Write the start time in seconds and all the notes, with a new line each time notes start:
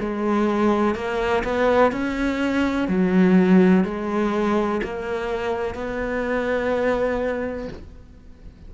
0.00 G#3
0.95 A#3
1.44 B3
1.92 C#4
2.89 F#3
3.84 G#3
4.84 A#3
5.75 B3